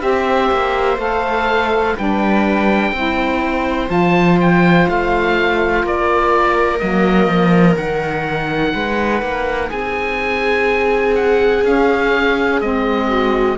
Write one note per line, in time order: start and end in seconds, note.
0.00 0.51 C4
0.00 0.97 G4
0.00 1.95 C5
0.00 0.98 E5
0.52 0.98 A#3
0.98 1.95 A3
0.98 1.95 A4
0.98 1.97 F5
1.95 2.92 G3
1.95 2.94 D4
1.95 2.92 B4
1.95 3.90 G5
2.92 3.89 C4
2.92 3.87 E4
2.92 5.82 C5
3.87 4.86 F3
3.87 6.78 F4
3.87 4.39 A5
4.41 4.89 G5
4.89 5.84 A3
4.89 5.86 F5
5.82 6.81 A#3
5.82 8.73 A#4
5.82 6.79 D5
6.79 7.27 F#3
6.79 7.78 A#3
6.79 7.76 D#5
7.27 7.75 F3
7.77 8.74 D#3
7.77 11.63 D#4
7.77 9.71 F#5
8.73 9.22 G#3
8.73 9.69 B4
9.22 9.71 A#3
9.69 11.64 C4
9.69 13.07 G#4
9.69 11.16 G#5
11.16 11.64 F#5
11.63 12.60 C#4
11.63 12.61 C#4
11.63 12.61 F5
12.60 13.58 G#3
12.60 13.57 C4
12.60 13.58 D#5
13.09 13.57 F#4